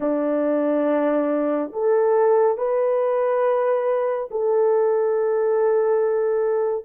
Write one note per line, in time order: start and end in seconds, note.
0.00 1.71 D4
1.73 2.57 A4
2.57 4.29 B4
4.31 6.85 A4